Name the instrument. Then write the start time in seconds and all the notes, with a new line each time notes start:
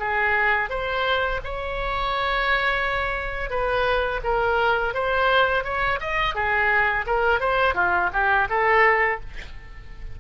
oboe
0.00 G#4
0.70 C5
1.44 C#5
3.50 B4
4.24 A#4
4.94 C5
5.64 C#5
6.01 D#5
6.35 G#4
7.07 A#4
7.40 C5
7.75 F4
8.13 G4
8.50 A4